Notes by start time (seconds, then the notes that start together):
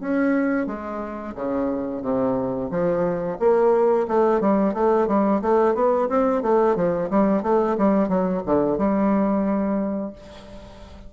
0.00 C#4
0.66 G#3
1.35 C#3
2.02 C3
2.70 F3
3.39 A#3
4.08 A3
4.40 G3
4.73 A3
5.07 G3
5.41 A3
5.75 B3
6.09 C4
6.42 A3
6.76 F3
7.10 G3
7.42 A3
7.77 G3
8.08 F#3
8.45 D3
8.78 G3